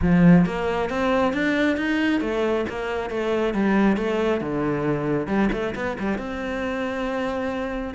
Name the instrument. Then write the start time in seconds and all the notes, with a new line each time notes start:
cello
0.01 F3
0.45 A#3
0.89 C4
1.33 D4
1.76 D#4
2.21 A3
2.69 A#3
3.10 A3
3.54 G3
3.97 A3
4.40 D3
5.27 G3
5.52 A3
5.75 B3
5.99 G3
6.18 C4